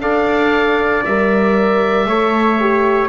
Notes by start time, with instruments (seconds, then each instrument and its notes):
0.00 double bass D4, horn A4, trumpet D5, oboe F5
1.05 double bass G3, horn A#4, oboe E5
2.07 double bass A3, horn A4, trumpet C#5
2.61 horn G4